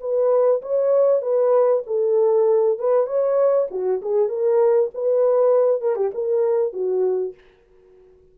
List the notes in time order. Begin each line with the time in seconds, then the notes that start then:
0.00 B4
0.62 C#5
1.22 B4
1.86 A4
2.79 B4
3.06 C#5
3.70 F#4
4.01 G#4
4.29 A#4
4.94 B4
5.81 A#4
5.96 G4
6.14 A#4
6.73 F#4